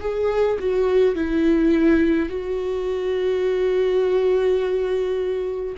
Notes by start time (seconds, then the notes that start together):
0.00 G#4
0.59 F#4
1.15 E4
2.29 F#4